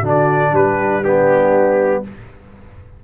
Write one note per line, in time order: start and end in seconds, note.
0.00 0.51 D3
0.00 1.03 D4
0.00 0.50 F#4
0.08 0.55 D5
0.51 2.01 G3
0.51 1.02 G4
0.51 1.04 B4
1.02 2.04 B3
1.02 2.02 D4
1.02 2.04 G4